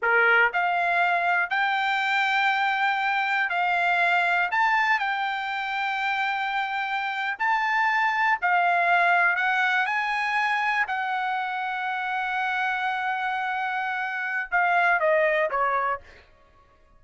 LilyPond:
\new Staff \with { instrumentName = "trumpet" } { \time 4/4 \tempo 4 = 120 ais'4 f''2 g''4~ | g''2. f''4~ | f''4 a''4 g''2~ | g''2~ g''8. a''4~ a''16~ |
a''8. f''2 fis''4 gis''16~ | gis''4.~ gis''16 fis''2~ fis''16~ | fis''1~ | fis''4 f''4 dis''4 cis''4 | }